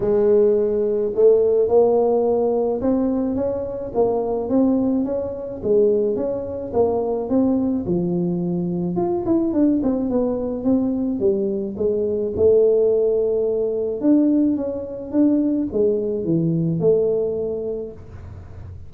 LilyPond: \new Staff \with { instrumentName = "tuba" } { \time 4/4 \tempo 4 = 107 gis2 a4 ais4~ | ais4 c'4 cis'4 ais4 | c'4 cis'4 gis4 cis'4 | ais4 c'4 f2 |
f'8 e'8 d'8 c'8 b4 c'4 | g4 gis4 a2~ | a4 d'4 cis'4 d'4 | gis4 e4 a2 | }